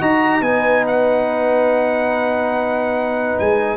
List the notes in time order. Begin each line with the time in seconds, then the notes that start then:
0.00 D#4 F#4 D#5 A#5
0.41 B3 D#4 B4 G#5
0.87 F#5
3.39 G#3 G#5